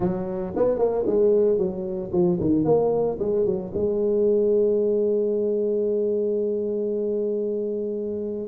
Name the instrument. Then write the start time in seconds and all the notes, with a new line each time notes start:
tuba
0.00 F#3
0.56 B3
0.78 A#3
1.06 G#3
1.57 F#3
2.12 F3
2.40 D#3
2.65 A#3
3.19 G#3
3.45 F#3
3.73 G#3